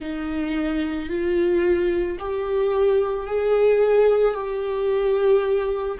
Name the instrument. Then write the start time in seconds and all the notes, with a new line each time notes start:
viola
0.00 D#4
1.09 F4
2.19 G4
3.26 G#4
4.34 G4